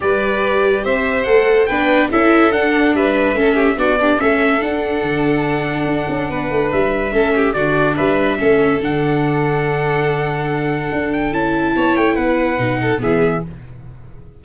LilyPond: <<
  \new Staff \with { instrumentName = "trumpet" } { \time 4/4 \tempo 4 = 143 d''2 e''4 fis''4 | g''4 e''4 fis''4 e''4~ | e''4 d''4 e''4 fis''4~ | fis''1 |
e''2 d''4 e''4~ | e''4 fis''2.~ | fis''2~ fis''8 g''8 a''4~ | a''8 g''8 fis''2 e''4 | }
  \new Staff \with { instrumentName = "violin" } { \time 4/4 b'2 c''2 | b'4 a'2 b'4 | a'8 g'8 fis'8 d'8 a'2~ | a'2. b'4~ |
b'4 a'8 g'8 fis'4 b'4 | a'1~ | a'1 | cis''4 b'4. a'8 gis'4 | }
  \new Staff \with { instrumentName = "viola" } { \time 4/4 g'2. a'4 | d'4 e'4 d'2 | cis'4 d'8 g'8 cis'4 d'4~ | d'1~ |
d'4 cis'4 d'2 | cis'4 d'2.~ | d'2. e'4~ | e'2 dis'4 b4 | }
  \new Staff \with { instrumentName = "tuba" } { \time 4/4 g2 c'4 a4 | b4 cis'4 d'4 g4 | a4 b4 a4 d'4 | d2 d'8 cis'8 b8 a8 |
g4 a4 d4 g4 | a4 d2.~ | d2 d'4 cis'4 | b8 a8 b4 b,4 e4 | }
>>